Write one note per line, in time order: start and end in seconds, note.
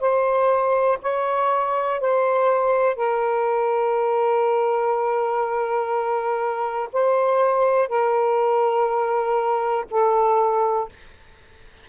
0.00 0.98 C5
1.02 2.00 C#5
2.00 2.96 C5
2.96 6.89 A#4
6.93 7.88 C5
7.88 9.85 A#4
9.90 10.89 A4